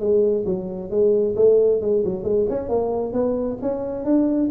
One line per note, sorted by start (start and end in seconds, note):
0.00 0.45 G#3
0.46 0.90 F#3
0.90 1.36 G#3
1.36 1.81 A3
1.81 2.04 G#3
2.05 2.24 F#3
2.24 2.46 G#3
2.49 2.69 C#4
2.69 3.13 A#3
3.13 3.58 B3
3.62 4.05 C#4
4.05 4.50 D4